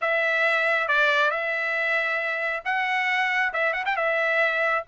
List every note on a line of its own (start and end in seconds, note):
0.01 0.87 E5
0.87 1.30 D5
1.30 2.62 E5
2.64 3.53 F#5
3.53 3.73 E5
3.73 3.84 F#5
3.85 3.96 G5
3.96 4.84 E5